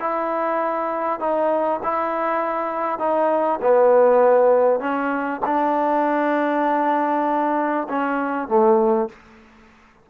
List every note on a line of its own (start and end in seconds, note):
0.00 1.20 E4
1.20 1.80 D#4
1.83 2.99 E4
2.99 3.60 D#4
3.61 4.80 B3
4.80 5.41 C#4
5.45 7.88 D4
7.88 8.48 C#4
8.48 9.09 A3